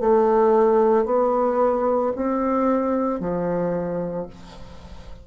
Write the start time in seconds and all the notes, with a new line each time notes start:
0.00 A3
1.05 B3
2.16 C4
3.20 F3